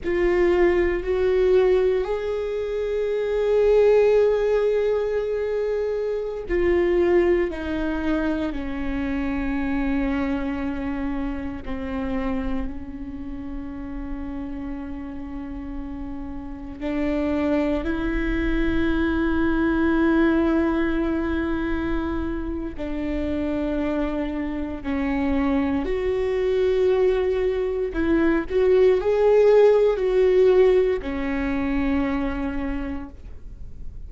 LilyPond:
\new Staff \with { instrumentName = "viola" } { \time 4/4 \tempo 4 = 58 f'4 fis'4 gis'2~ | gis'2~ gis'16 f'4 dis'8.~ | dis'16 cis'2. c'8.~ | c'16 cis'2.~ cis'8.~ |
cis'16 d'4 e'2~ e'8.~ | e'2 d'2 | cis'4 fis'2 e'8 fis'8 | gis'4 fis'4 cis'2 | }